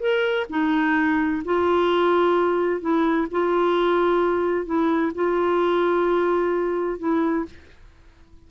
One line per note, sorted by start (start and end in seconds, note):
0.00 0.47 A#4
0.50 1.43 D#4
1.45 2.81 F4
2.81 3.27 E4
3.31 4.66 F4
4.66 5.12 E4
5.15 6.99 F4
6.99 7.45 E4